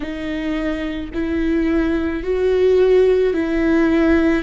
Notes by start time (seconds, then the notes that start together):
0.00 D#4
1.13 E4
2.23 F#4
3.33 E4